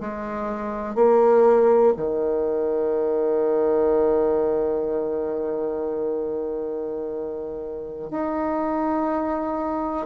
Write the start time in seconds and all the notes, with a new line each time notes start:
0.00 G#3
0.95 A#3
1.96 D#3
8.10 D#4